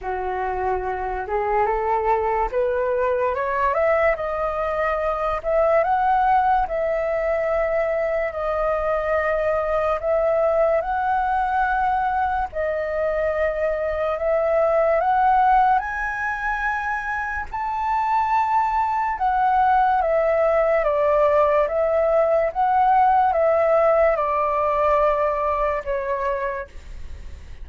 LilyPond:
\new Staff \with { instrumentName = "flute" } { \time 4/4 \tempo 4 = 72 fis'4. gis'8 a'4 b'4 | cis''8 e''8 dis''4. e''8 fis''4 | e''2 dis''2 | e''4 fis''2 dis''4~ |
dis''4 e''4 fis''4 gis''4~ | gis''4 a''2 fis''4 | e''4 d''4 e''4 fis''4 | e''4 d''2 cis''4 | }